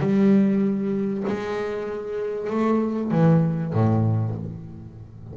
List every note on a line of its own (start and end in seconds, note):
0.00 1.24 G3
1.27 2.50 G#3
2.50 3.11 A3
3.11 3.73 E3
3.73 4.35 A2